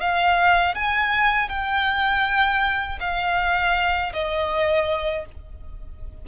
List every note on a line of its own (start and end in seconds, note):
0.00 0.75 F5
0.75 1.49 G#5
1.49 2.99 G5
3.00 4.12 F5
4.12 5.25 D#5